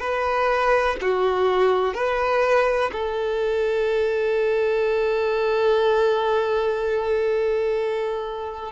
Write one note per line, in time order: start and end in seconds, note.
0.00 0.97 B4
1.02 1.94 F#4
1.94 2.91 B4
2.93 8.73 A4